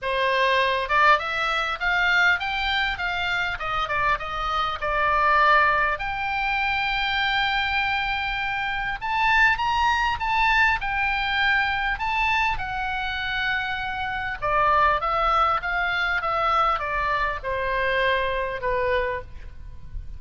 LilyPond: \new Staff \with { instrumentName = "oboe" } { \time 4/4 \tempo 4 = 100 c''4. d''8 e''4 f''4 | g''4 f''4 dis''8 d''8 dis''4 | d''2 g''2~ | g''2. a''4 |
ais''4 a''4 g''2 | a''4 fis''2. | d''4 e''4 f''4 e''4 | d''4 c''2 b'4 | }